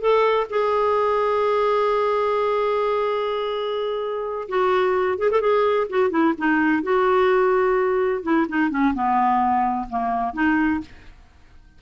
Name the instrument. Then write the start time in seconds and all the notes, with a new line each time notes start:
clarinet
0.00 A4
0.50 G#4
4.49 F#4
5.18 G#4
5.31 A4
5.41 G#4
5.89 F#4
6.10 E4
6.38 D#4
6.83 F#4
8.23 E4
8.49 D#4
8.70 C#4
8.94 B3
9.89 A#3
10.33 D#4